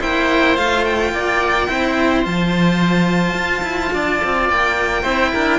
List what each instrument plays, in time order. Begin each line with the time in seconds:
0.00 cello A#3 E4, oboe C5, violin G5
0.56 cello A3 F4, violin F5
0.85 violin G5
1.12 cello A#3, oboe D5
1.68 cello C4 E4, oboe C5
2.24 cello F3 F4, violin A5
3.34 cello F4
3.63 cello E4
3.93 cello D4, oboe D5
4.24 cello C4
4.50 cello A#3, violin G5
5.02 cello C4 E4, oboe C5
5.33 cello D4, oboe A#4